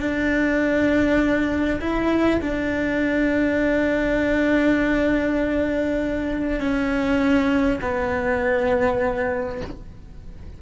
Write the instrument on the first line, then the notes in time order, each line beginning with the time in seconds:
cello
0.00 D4
1.81 E4
2.42 D4
6.60 C#4
7.82 B3